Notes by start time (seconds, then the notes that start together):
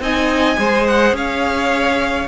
0.00 C4 D#4 D#5 G#5
0.57 G#3 G#4 C5
0.87 F#5
1.13 C#4 C#5 F5